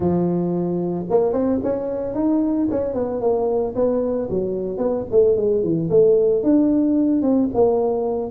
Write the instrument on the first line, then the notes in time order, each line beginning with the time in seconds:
tuba
0.00 F3
1.10 A#3
1.32 C4
1.63 C#4
2.14 D#4
2.70 C#4
2.93 B3
3.20 A#3
3.75 B3
4.30 F#3
4.77 B3
5.11 A3
5.36 G#3
5.62 E3
5.90 A3
6.43 D4
7.22 C4
7.53 A#3